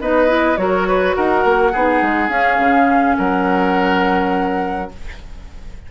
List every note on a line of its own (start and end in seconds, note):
0.00 0.57 B3
0.00 0.28 D#4
0.00 0.59 B4
0.00 0.57 D#5
0.28 0.57 E4
0.57 1.15 F#3
0.57 1.72 F#4
0.57 0.88 A#4
0.57 1.15 C#5
0.88 1.16 B4
1.15 1.45 D#4
1.15 1.72 A#4
1.15 2.30 F#5
1.45 1.74 A#3
1.72 2.02 B3
1.72 2.29 D#4
1.72 3.16 G#4
2.02 2.29 G#3
2.29 2.58 C#4
2.29 4.89 C#4
2.29 3.16 F5
2.59 3.16 C#3
3.18 4.92 F#3
3.18 4.91 A#4
3.18 4.92 F#5